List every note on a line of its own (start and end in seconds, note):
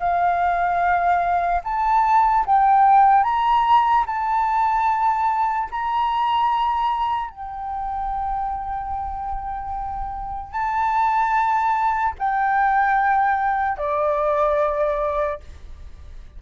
0.00 1.62 F5
1.64 2.45 A5
2.46 3.24 G5
3.24 4.05 A#5
4.07 5.69 A5
5.72 7.31 A#5
7.31 10.52 G5
10.52 12.14 A5
12.19 13.78 G5
13.78 15.40 D5